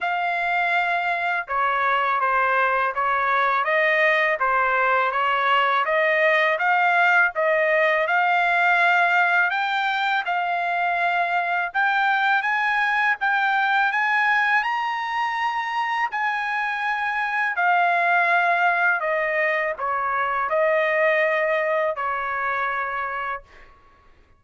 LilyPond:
\new Staff \with { instrumentName = "trumpet" } { \time 4/4 \tempo 4 = 82 f''2 cis''4 c''4 | cis''4 dis''4 c''4 cis''4 | dis''4 f''4 dis''4 f''4~ | f''4 g''4 f''2 |
g''4 gis''4 g''4 gis''4 | ais''2 gis''2 | f''2 dis''4 cis''4 | dis''2 cis''2 | }